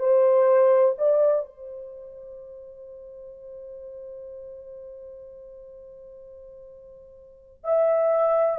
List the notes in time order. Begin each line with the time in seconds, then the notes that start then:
0.00 C5
0.98 D5
1.46 C5
7.64 E5